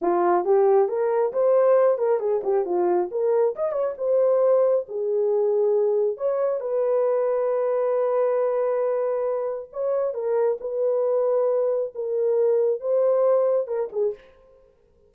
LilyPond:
\new Staff \with { instrumentName = "horn" } { \time 4/4 \tempo 4 = 136 f'4 g'4 ais'4 c''4~ | c''8 ais'8 gis'8 g'8 f'4 ais'4 | dis''8 cis''8 c''2 gis'4~ | gis'2 cis''4 b'4~ |
b'1~ | b'2 cis''4 ais'4 | b'2. ais'4~ | ais'4 c''2 ais'8 gis'8 | }